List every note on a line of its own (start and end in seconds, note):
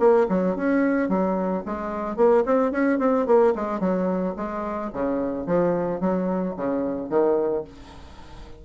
0.00 0.27 A#3
0.29 0.57 F#3
0.57 1.09 C#4
1.09 1.64 F#3
1.66 2.17 G#3
2.17 2.44 A#3
2.46 2.72 C4
2.72 2.99 C#4
3.00 3.27 C4
3.27 3.54 A#3
3.56 3.81 G#3
3.81 4.35 F#3
4.37 4.92 G#3
4.93 5.47 C#3
5.47 6.01 F3
6.01 6.55 F#3
6.57 7.10 C#3
7.10 7.65 D#3